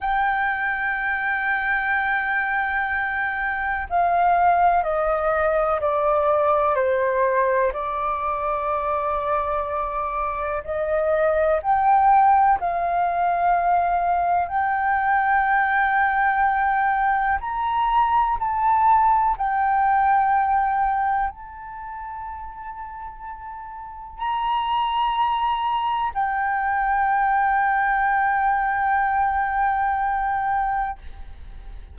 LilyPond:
\new Staff \with { instrumentName = "flute" } { \time 4/4 \tempo 4 = 62 g''1 | f''4 dis''4 d''4 c''4 | d''2. dis''4 | g''4 f''2 g''4~ |
g''2 ais''4 a''4 | g''2 a''2~ | a''4 ais''2 g''4~ | g''1 | }